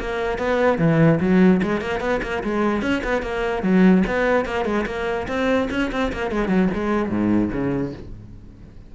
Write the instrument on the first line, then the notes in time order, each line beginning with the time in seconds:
cello
0.00 A#3
0.38 B3
0.78 E3
1.20 F#3
1.63 G#3
1.81 A#3
2.00 B3
2.23 A#3
2.44 G#3
2.82 C#4
3.04 B3
3.22 A#3
3.63 F#3
4.07 B3
4.46 A#3
4.65 G#3
4.86 A#3
5.28 C4
5.71 C#4
5.92 C4
6.13 A#3
6.31 G#3
6.49 F#3
6.74 G#3
7.09 G#2
7.52 C#3